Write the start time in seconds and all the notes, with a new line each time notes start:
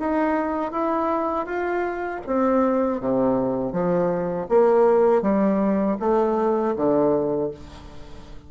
0.00 D#4
0.72 E4
1.46 F4
2.26 C4
3.01 C3
3.73 F3
4.49 A#3
5.22 G3
6.00 A3
6.76 D3